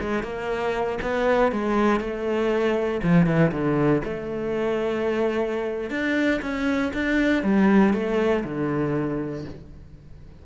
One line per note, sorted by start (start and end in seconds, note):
0.00 0.23 G#3
0.23 0.98 A#3
1.01 1.51 B3
1.51 2.00 G#3
2.00 3.01 A3
3.03 3.26 F3
3.26 3.51 E3
3.51 4.02 D3
4.04 5.90 A3
5.90 6.40 D4
6.41 6.92 C#4
6.93 7.43 D4
7.43 7.93 G3
7.93 8.44 A3
8.44 9.44 D3